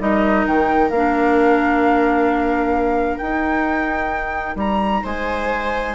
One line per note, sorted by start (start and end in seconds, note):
0.00 0.46 G3
0.00 0.92 D#4
0.00 5.03 A#4
0.00 0.47 D#5
0.46 0.91 D#3
0.46 0.90 G5
0.90 3.20 A#3
0.90 3.22 D4
0.90 3.18 F5
3.18 4.56 D#4
3.18 5.95 D#4
3.18 4.56 G5
4.56 5.02 G3
4.56 5.05 A#5
5.03 5.95 G#3
5.03 5.95 C5
5.03 5.95 G#5